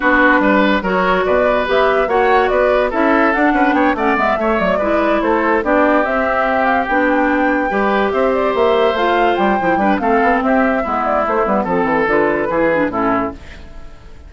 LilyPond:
<<
  \new Staff \with { instrumentName = "flute" } { \time 4/4 \tempo 4 = 144 b'2 cis''4 d''4 | e''4 fis''4 d''4 e''4 | fis''4 g''8 fis''8 e''4 d''4~ | d''8 c''4 d''4 e''4. |
f''8 g''2. e''8 | d''8 e''4 f''4 g''4. | f''4 e''4. d''8 c''8 b'8 | a'4 b'2 a'4 | }
  \new Staff \with { instrumentName = "oboe" } { \time 4/4 fis'4 b'4 ais'4 b'4~ | b'4 cis''4 b'4 a'4~ | a'8 b'8 cis''8 d''4 cis''4 b'8~ | b'8 a'4 g'2~ g'8~ |
g'2~ g'8 b'4 c''8~ | c''2.~ c''8 b'8 | a'4 g'4 e'2 | a'2 gis'4 e'4 | }
  \new Staff \with { instrumentName = "clarinet" } { \time 4/4 d'2 fis'2 | g'4 fis'2 e'4 | d'4. cis'8 b8 a4 e'8~ | e'4. d'4 c'4.~ |
c'8 d'2 g'4.~ | g'4. f'4. e'8 d'8 | c'2 b4 a8 b8 | c'4 f'4 e'8 d'8 cis'4 | }
  \new Staff \with { instrumentName = "bassoon" } { \time 4/4 b4 g4 fis4 b,4 | b4 ais4 b4 cis'4 | d'8 cis'8 b8 a8 gis8 a8 fis8 gis8~ | gis8 a4 b4 c'4.~ |
c'8 b2 g4 c'8~ | c'8 ais4 a4 g8 f8 g8 | a8 b8 c'4 gis4 a8 g8 | f8 e8 d4 e4 a,4 | }
>>